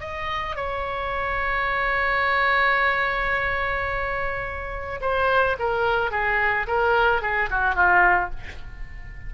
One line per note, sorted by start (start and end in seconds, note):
0.00 0.55 D#5
0.55 5.00 C#5
5.01 5.56 C5
5.59 6.11 A#4
6.11 6.66 G#4
6.67 7.21 A#4
7.21 7.49 G#4
7.50 7.74 F#4
7.74 8.30 F4